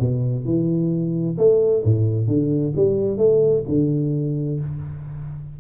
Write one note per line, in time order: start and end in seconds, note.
0.00 0.45 B2
0.45 1.37 E3
1.38 1.84 A3
1.84 2.28 A2
2.28 2.74 D3
2.76 3.18 G3
3.18 3.63 A3
3.68 4.60 D3